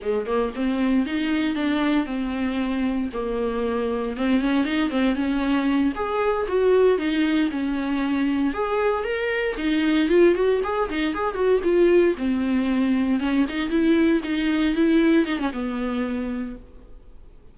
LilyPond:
\new Staff \with { instrumentName = "viola" } { \time 4/4 \tempo 4 = 116 gis8 ais8 c'4 dis'4 d'4 | c'2 ais2 | c'8 cis'8 dis'8 c'8 cis'4. gis'8~ | gis'8 fis'4 dis'4 cis'4.~ |
cis'8 gis'4 ais'4 dis'4 f'8 | fis'8 gis'8 dis'8 gis'8 fis'8 f'4 c'8~ | c'4. cis'8 dis'8 e'4 dis'8~ | dis'8 e'4 dis'16 cis'16 b2 | }